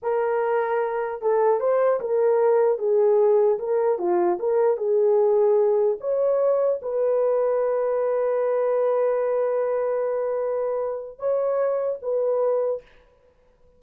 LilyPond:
\new Staff \with { instrumentName = "horn" } { \time 4/4 \tempo 4 = 150 ais'2. a'4 | c''4 ais'2 gis'4~ | gis'4 ais'4 f'4 ais'4 | gis'2. cis''4~ |
cis''4 b'2.~ | b'1~ | b'1 | cis''2 b'2 | }